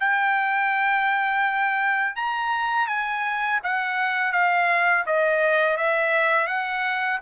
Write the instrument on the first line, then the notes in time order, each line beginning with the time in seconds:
trumpet
0.00 G5
2.16 A#5
2.88 G#5
3.64 F#5
4.32 F5
5.06 D#5
5.77 E5
6.47 F#5